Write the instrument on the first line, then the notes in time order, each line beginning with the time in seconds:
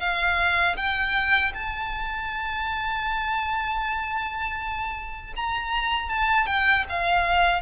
violin
0.00 F5
0.77 G5
1.54 A5
5.36 A#5
6.09 A5
6.46 G5
6.89 F5